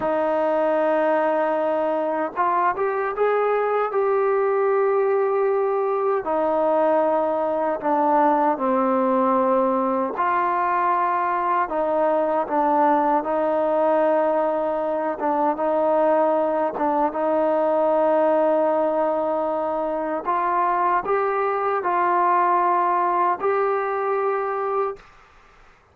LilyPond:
\new Staff \with { instrumentName = "trombone" } { \time 4/4 \tempo 4 = 77 dis'2. f'8 g'8 | gis'4 g'2. | dis'2 d'4 c'4~ | c'4 f'2 dis'4 |
d'4 dis'2~ dis'8 d'8 | dis'4. d'8 dis'2~ | dis'2 f'4 g'4 | f'2 g'2 | }